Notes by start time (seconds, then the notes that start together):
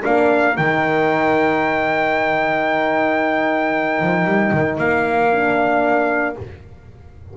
0.00 A#3 D4 A#4 F5
0.56 D#3 D#4 G5
4.01 F3
4.25 G3
4.51 D#3
4.77 A#3 F5
5.31 D4